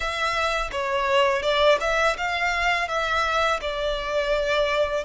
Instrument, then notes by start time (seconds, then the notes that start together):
violin
0.00 E5
0.71 C#5
1.42 D5
1.80 E5
2.17 F5
2.88 E5
3.61 D5